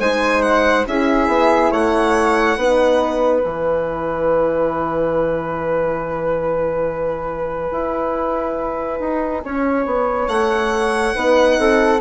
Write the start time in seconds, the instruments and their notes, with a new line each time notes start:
0.00 bassoon G#3, horn D#4, flute C5, violin G#5
0.42 violin F#5
0.87 bassoon C#4, horn E4, flute G#4, violin E5
1.28 bassoon B3
1.71 bassoon A3, flute C#5, violin F#5
2.57 bassoon B3, horn D#4, flute B4
3.44 bassoon E3, horn E4, violin G#5
7.72 bassoon E4
9.00 bassoon D#4
9.44 bassoon C#4, flute C#5
9.86 bassoon B3
10.28 bassoon A3, violin F#5
11.14 bassoon B3, horn D#4, flute B4
11.59 bassoon C4, flute A4